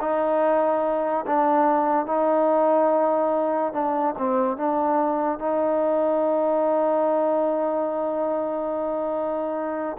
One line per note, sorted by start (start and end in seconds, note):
0.00 1.25 D#4
1.26 2.06 D4
2.06 3.72 D#4
3.73 4.14 D4
4.18 4.56 C4
4.56 5.39 D4
5.39 9.97 D#4